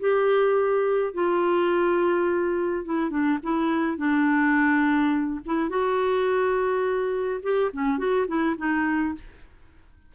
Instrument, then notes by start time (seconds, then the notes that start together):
clarinet
0.00 G4
1.14 F4
2.85 E4
3.10 D4
3.43 E4
3.97 D4
5.46 E4
5.69 F#4
7.43 G4
7.73 C#4
7.98 F#4
8.28 E4
8.57 D#4